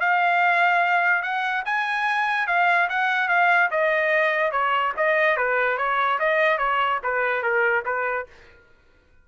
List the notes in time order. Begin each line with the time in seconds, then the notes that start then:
0.00 F5
1.22 F#5
1.65 G#5
2.47 F5
2.89 F#5
3.28 F5
3.71 D#5
4.51 C#5
4.97 D#5
5.37 B4
5.77 C#5
6.19 D#5
6.58 C#5
7.03 B4
7.43 A#4
7.85 B4